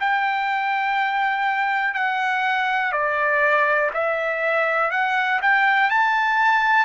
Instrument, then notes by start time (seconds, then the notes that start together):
trumpet
0.00 G5
1.94 F#5
2.92 D5
3.93 E5
4.91 F#5
5.41 G5
5.90 A5